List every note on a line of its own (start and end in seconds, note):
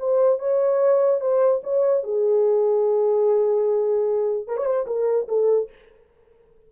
0.00 0.40 C5
0.40 1.21 C#5
1.21 1.62 C5
1.64 2.04 C#5
2.04 4.48 G#4
4.48 4.58 A#4
4.58 4.66 C#5
4.66 4.86 C5
4.87 5.28 A#4
5.29 5.69 A4